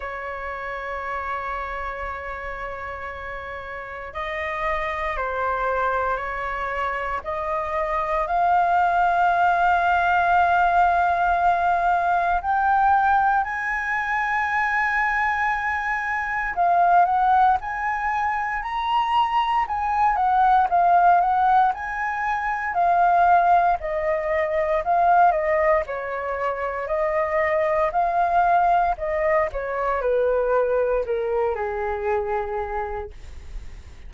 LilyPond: \new Staff \with { instrumentName = "flute" } { \time 4/4 \tempo 4 = 58 cis''1 | dis''4 c''4 cis''4 dis''4 | f''1 | g''4 gis''2. |
f''8 fis''8 gis''4 ais''4 gis''8 fis''8 | f''8 fis''8 gis''4 f''4 dis''4 | f''8 dis''8 cis''4 dis''4 f''4 | dis''8 cis''8 b'4 ais'8 gis'4. | }